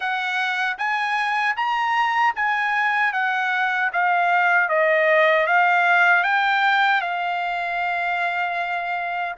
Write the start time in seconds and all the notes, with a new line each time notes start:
0.00 F#5
0.78 G#5
1.56 A#5
2.36 G#5
3.12 F#5
3.92 F5
4.68 D#5
5.47 F5
6.23 G5
7.01 F5